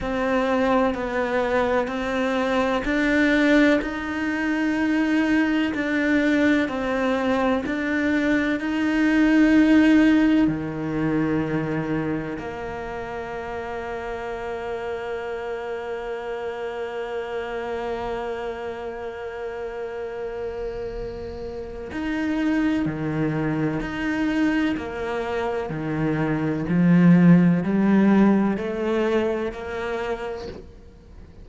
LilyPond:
\new Staff \with { instrumentName = "cello" } { \time 4/4 \tempo 4 = 63 c'4 b4 c'4 d'4 | dis'2 d'4 c'4 | d'4 dis'2 dis4~ | dis4 ais2.~ |
ais1~ | ais2. dis'4 | dis4 dis'4 ais4 dis4 | f4 g4 a4 ais4 | }